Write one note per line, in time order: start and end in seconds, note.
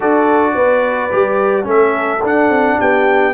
0.00 0.55 D4
0.00 1.11 F#4
0.00 0.53 A4
0.00 1.67 D5
0.55 1.10 B3
0.55 1.66 B4
1.11 1.66 G3
1.11 1.63 G4
1.63 2.21 A3
1.63 2.19 C#4
1.63 2.78 A4
1.63 2.24 E5
2.22 2.49 D4
2.22 3.33 D4
2.22 2.80 F#5
2.49 2.77 C4
2.79 3.33 B3
2.79 3.33 G4
2.79 3.33 G5